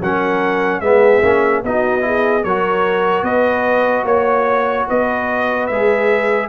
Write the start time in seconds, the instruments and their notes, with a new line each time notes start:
0.00 tuba F#3, trombone C#4, horn A#4, trumpet F#5
0.80 tuba G#3, trombone B3, horn G#4, trumpet E5
1.22 tuba A#3, trombone C#4
1.63 tuba B3, trombone D#4, horn F#4, trumpet D#5
2.01 trombone E4, horn G#4
2.44 tuba F#3, trombone F#4, horn A#4, trumpet C#5
3.23 tuba B3, horn B4, trumpet D#5
4.04 tuba A#3, horn C#5, trumpet C#5
4.88 tuba B3, horn B4, trumpet D#5
5.67 tuba G#3, trombone G#4, trumpet E5